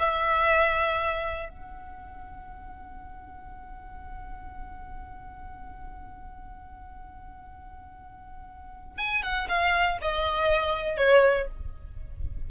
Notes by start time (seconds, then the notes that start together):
0.00 E5
1.50 F#5
8.98 G#5
9.23 F#5
9.49 F5
10.02 D#5
10.97 C#5